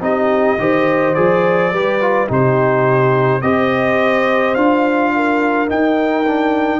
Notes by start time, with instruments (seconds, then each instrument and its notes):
0.00 tuba C4, trombone D#4, horn G4, trumpet D#5
0.58 tuba D#3, trombone G4, horn C5
1.14 tuba F3, trombone G#4, trumpet D5
1.72 tuba G3, trombone G4, horn B4
2.00 trombone F4
2.27 tuba C3, trombone D#4, horn G4, trumpet C5
3.41 tuba C4, trombone G4, horn C5, trumpet D#5
4.54 tuba D4, trombone F4, trumpet F5
5.15 horn A#4
5.68 trombone D#4, tuba D#4, trumpet G5
6.26 trombone D4